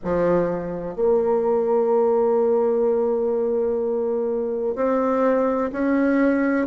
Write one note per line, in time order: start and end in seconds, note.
0.03 0.95 F3
0.95 4.75 A#3
4.75 5.71 C4
5.72 6.66 C#4